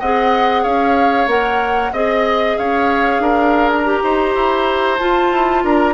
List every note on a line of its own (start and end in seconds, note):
0.00 0.65 C4
0.00 1.28 G#4
0.00 0.63 D#5
0.00 0.64 F#5
0.63 1.27 C#4
0.63 1.92 C#5
0.63 1.29 F5
1.27 1.92 A#3
1.27 1.93 A#4
1.27 1.94 F#5
1.92 2.57 C4
1.92 3.85 G#4
1.92 2.58 D#5
2.58 3.20 C#4
2.58 3.23 C#5
2.58 3.71 F5
3.20 4.00 D4
3.20 4.03 A#4
3.73 4.99 A#5
3.85 4.98 G4
4.04 4.35 D#4
4.04 5.65 C5
4.35 5.00 E4
4.99 5.94 F4
4.99 5.32 F4
4.99 5.64 A5
5.32 5.64 E4
5.64 5.94 D4
5.64 5.94 A#4
5.64 5.94 A#5